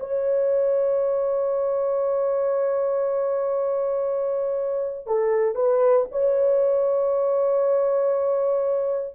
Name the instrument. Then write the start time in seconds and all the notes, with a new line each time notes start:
horn
0.00 C#5
5.07 A4
5.55 B4
6.12 C#5